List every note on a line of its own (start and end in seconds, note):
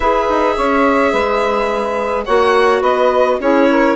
0.00 0.27 E4
0.00 2.27 G#4
0.00 0.56 B4
0.00 2.24 E5
0.29 0.57 D#4
0.56 1.13 C#4
0.56 1.11 C#5
1.11 2.26 G#3
1.11 2.24 B4
2.24 2.82 A#3
2.24 3.40 F#4
2.24 2.80 C#5
2.24 2.82 F#5
2.80 3.38 B3
2.80 3.37 B4
2.80 3.39 D#5
3.39 3.96 C#4
3.39 3.96 E4
3.39 3.69 G#4
3.39 3.96 C#5
3.70 3.96 A#4